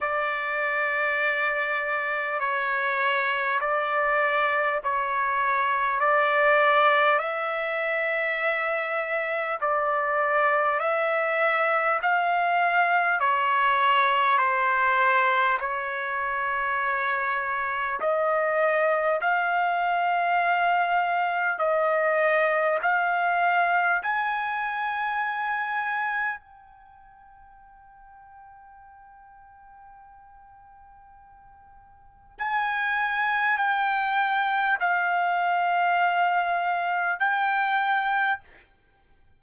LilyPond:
\new Staff \with { instrumentName = "trumpet" } { \time 4/4 \tempo 4 = 50 d''2 cis''4 d''4 | cis''4 d''4 e''2 | d''4 e''4 f''4 cis''4 | c''4 cis''2 dis''4 |
f''2 dis''4 f''4 | gis''2 g''2~ | g''2. gis''4 | g''4 f''2 g''4 | }